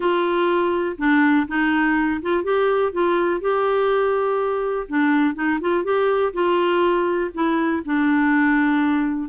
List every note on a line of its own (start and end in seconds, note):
0.00 0.96 F4
0.98 1.46 D4
1.47 2.20 D#4
2.22 2.43 F4
2.43 2.92 G4
2.92 3.40 F4
3.40 4.87 G4
4.88 5.34 D4
5.34 5.59 D#4
5.61 5.84 F4
5.84 6.32 G4
6.33 7.31 F4
7.34 7.82 E4
7.85 9.29 D4